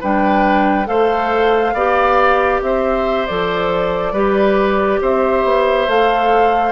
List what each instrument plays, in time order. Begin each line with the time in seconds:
0.00 bassoon G3, clarinet D4, oboe B4, flute G5
0.85 bassoon A3, clarinet A4, oboe C5, flute F5
1.74 bassoon B3, clarinet G4, oboe D5
2.62 bassoon C4, oboe C5, flute E5
3.27 bassoon F3, clarinet A4, flute D5
4.13 bassoon G3, clarinet G4, oboe B4
5.01 bassoon C4, oboe C5, flute E5
5.44 bassoon B3
5.88 bassoon A3, clarinet A4, flute F5